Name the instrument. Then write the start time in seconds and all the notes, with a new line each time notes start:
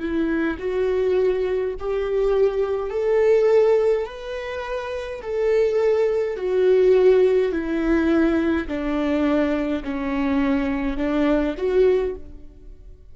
viola
0.00 E4
0.59 F#4
1.80 G4
2.91 A4
4.06 B4
5.23 A4
6.37 F#4
7.53 E4
8.68 D4
9.84 C#4
10.98 D4
11.58 F#4